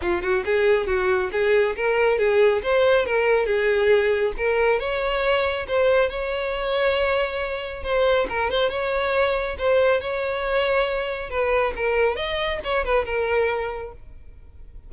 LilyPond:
\new Staff \with { instrumentName = "violin" } { \time 4/4 \tempo 4 = 138 f'8 fis'8 gis'4 fis'4 gis'4 | ais'4 gis'4 c''4 ais'4 | gis'2 ais'4 cis''4~ | cis''4 c''4 cis''2~ |
cis''2 c''4 ais'8 c''8 | cis''2 c''4 cis''4~ | cis''2 b'4 ais'4 | dis''4 cis''8 b'8 ais'2 | }